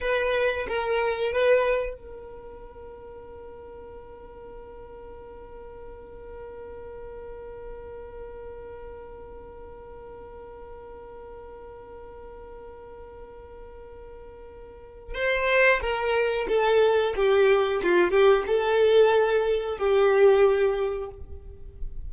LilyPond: \new Staff \with { instrumentName = "violin" } { \time 4/4 \tempo 4 = 91 b'4 ais'4 b'4 ais'4~ | ais'1~ | ais'1~ | ais'1~ |
ais'1~ | ais'2. c''4 | ais'4 a'4 g'4 f'8 g'8 | a'2 g'2 | }